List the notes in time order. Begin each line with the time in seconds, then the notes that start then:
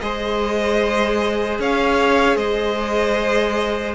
0.00 G#3 G#4 C5 D#5
1.59 C#4 C#5 F5
2.36 G#3 C5 D#5